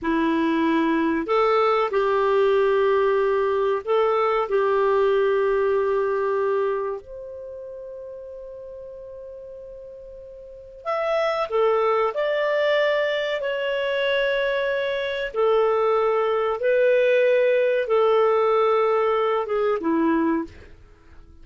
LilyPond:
\new Staff \with { instrumentName = "clarinet" } { \time 4/4 \tempo 4 = 94 e'2 a'4 g'4~ | g'2 a'4 g'4~ | g'2. c''4~ | c''1~ |
c''4 e''4 a'4 d''4~ | d''4 cis''2. | a'2 b'2 | a'2~ a'8 gis'8 e'4 | }